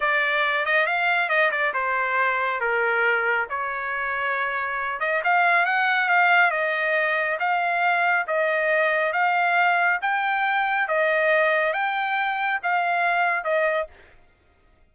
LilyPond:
\new Staff \with { instrumentName = "trumpet" } { \time 4/4 \tempo 4 = 138 d''4. dis''8 f''4 dis''8 d''8 | c''2 ais'2 | cis''2.~ cis''8 dis''8 | f''4 fis''4 f''4 dis''4~ |
dis''4 f''2 dis''4~ | dis''4 f''2 g''4~ | g''4 dis''2 g''4~ | g''4 f''2 dis''4 | }